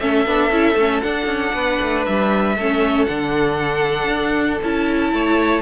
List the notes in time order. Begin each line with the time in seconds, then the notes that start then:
0.00 A3 C#4 A4 E5
0.26 B3 D4
0.50 C#4 E4
0.76 A3 C#4
1.02 D4 F#5
1.27 C#4
1.54 B3 B4
1.82 A3
2.06 G3 E5
2.56 A3 C#4 A4
3.06 D3 D4 F#5
4.08 D4
4.64 C#4 E4 A5
5.13 A3 C#5